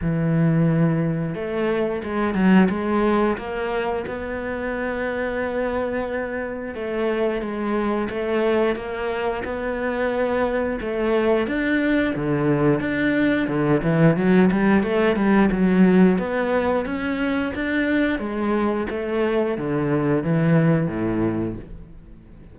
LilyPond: \new Staff \with { instrumentName = "cello" } { \time 4/4 \tempo 4 = 89 e2 a4 gis8 fis8 | gis4 ais4 b2~ | b2 a4 gis4 | a4 ais4 b2 |
a4 d'4 d4 d'4 | d8 e8 fis8 g8 a8 g8 fis4 | b4 cis'4 d'4 gis4 | a4 d4 e4 a,4 | }